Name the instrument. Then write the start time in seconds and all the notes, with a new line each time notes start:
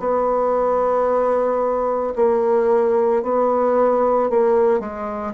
bassoon
0.00 B3
2.16 A#3
3.23 B3
4.30 A#3
4.80 G#3